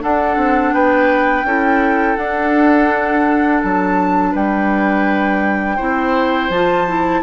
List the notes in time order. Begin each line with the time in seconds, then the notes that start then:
0.00 D4 A4 F#5
0.37 C4
0.73 B3 B4 G5
1.44 C#4 E4 A4
2.17 D4 F#5
3.62 F#3 A5
4.32 G3 B4 G5
5.77 C4 E4 C5
6.49 F3 F4 A5
6.88 E4